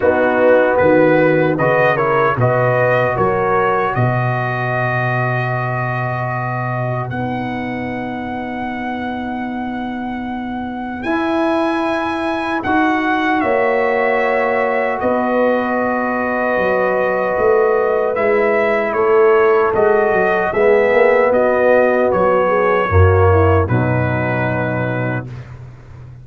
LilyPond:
<<
  \new Staff \with { instrumentName = "trumpet" } { \time 4/4 \tempo 4 = 76 fis'4 b'4 dis''8 cis''8 dis''4 | cis''4 dis''2.~ | dis''4 fis''2.~ | fis''2 gis''2 |
fis''4 e''2 dis''4~ | dis''2. e''4 | cis''4 dis''4 e''4 dis''4 | cis''2 b'2 | }
  \new Staff \with { instrumentName = "horn" } { \time 4/4 dis'4 fis'4 b'8 ais'8 b'4 | ais'4 b'2.~ | b'1~ | b'1~ |
b'4 cis''2 b'4~ | b'1 | a'2 gis'4 fis'4~ | fis'8 gis'8 fis'8 e'8 dis'2 | }
  \new Staff \with { instrumentName = "trombone" } { \time 4/4 b2 fis'8 e'8 fis'4~ | fis'1~ | fis'4 dis'2.~ | dis'2 e'2 |
fis'1~ | fis'2. e'4~ | e'4 fis'4 b2~ | b4 ais4 fis2 | }
  \new Staff \with { instrumentName = "tuba" } { \time 4/4 b4 dis4 cis4 b,4 | fis4 b,2.~ | b,4 b2.~ | b2 e'2 |
dis'4 ais2 b4~ | b4 fis4 a4 gis4 | a4 gis8 fis8 gis8 ais8 b4 | fis4 fis,4 b,2 | }
>>